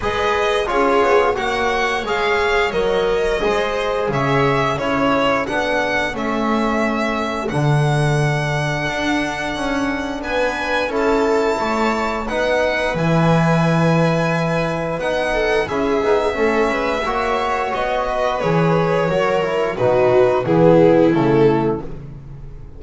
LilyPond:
<<
  \new Staff \with { instrumentName = "violin" } { \time 4/4 \tempo 4 = 88 dis''4 cis''4 fis''4 f''4 | dis''2 e''4 cis''4 | fis''4 e''2 fis''4~ | fis''2. gis''4 |
a''2 fis''4 gis''4~ | gis''2 fis''4 e''4~ | e''2 dis''4 cis''4~ | cis''4 b'4 gis'4 a'4 | }
  \new Staff \with { instrumentName = "viola" } { \time 4/4 b'4 gis'4 cis''2~ | cis''4 c''4 cis''4 a'4~ | a'1~ | a'2. b'4 |
a'4 cis''4 b'2~ | b'2~ b'8 a'8 gis'4 | a'8 b'8 cis''4. b'4. | ais'4 fis'4 e'2 | }
  \new Staff \with { instrumentName = "trombone" } { \time 4/4 gis'4 f'4 fis'4 gis'4 | ais'4 gis'2 e'4 | d'4 cis'2 d'4~ | d'1 |
e'2 dis'4 e'4~ | e'2 dis'4 e'8 dis'8 | cis'4 fis'2 gis'4 | fis'8 e'8 dis'4 b4 a4 | }
  \new Staff \with { instrumentName = "double bass" } { \time 4/4 gis4 cis'8 b8 ais4 gis4 | fis4 gis4 cis4 cis'4 | b4 a2 d4~ | d4 d'4 cis'4 b4 |
cis'4 a4 b4 e4~ | e2 b4 cis'8 b8 | a8 gis8 ais4 b4 e4 | fis4 b,4 e4 cis4 | }
>>